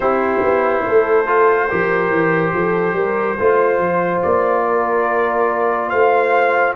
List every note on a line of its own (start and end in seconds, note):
0.00 0.41 C4
0.00 1.26 E4
0.00 0.84 G4
0.00 4.22 C5
0.42 0.84 B3
0.86 1.71 A3
0.86 1.68 A4
1.26 1.68 F4
1.68 2.09 F3
1.68 3.38 G4
1.68 2.52 A#4
2.09 2.51 E3
2.53 2.93 F3
2.53 2.95 A4
2.93 3.35 G3
2.93 3.36 A#4
3.36 3.78 A3
3.36 6.75 F4
3.36 4.63 C5
3.78 4.21 F3
4.22 5.92 A#3
4.22 5.89 D5
4.63 5.89 A#4
5.89 6.75 A3
5.89 6.73 C5
5.89 6.74 F5